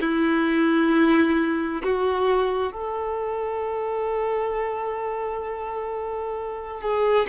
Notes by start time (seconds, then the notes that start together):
0.00 E4
1.83 F#4
2.72 A4
6.81 G#4